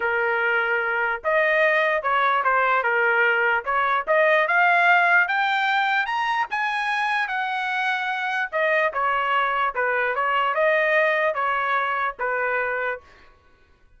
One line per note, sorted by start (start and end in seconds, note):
0.00 1.21 A#4
1.24 2.02 D#5
2.02 2.43 C#5
2.44 2.83 C5
2.83 3.64 A#4
3.64 4.05 C#5
4.07 4.47 D#5
4.47 5.28 F5
5.28 6.06 G5
6.06 6.46 A#5
6.50 7.28 G#5
7.28 8.49 F#5
8.51 8.92 D#5
8.93 9.74 C#5
9.75 10.15 B4
10.15 10.54 C#5
10.54 11.34 D#5
11.34 12.15 C#5
12.19 13.00 B4